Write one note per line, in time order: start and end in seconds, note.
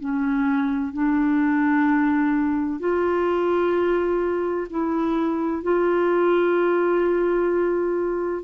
0.00 0.93 C#4
0.93 2.80 D4
2.80 4.67 F4
4.70 5.62 E4
5.62 8.43 F4